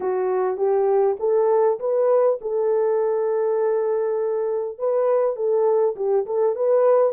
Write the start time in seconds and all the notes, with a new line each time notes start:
0.00 F#4
0.57 G4
1.19 A4
1.79 B4
2.41 A4
4.78 B4
5.36 A4
5.95 G4
6.26 A4
6.55 B4